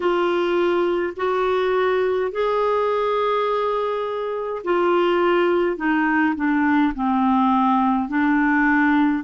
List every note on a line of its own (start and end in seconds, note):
0.00 1.13 F4
1.16 2.31 F#4
2.31 4.62 G#4
4.64 5.76 F4
5.76 6.34 D#4
6.35 6.93 D4
6.94 8.08 C4
8.08 9.23 D4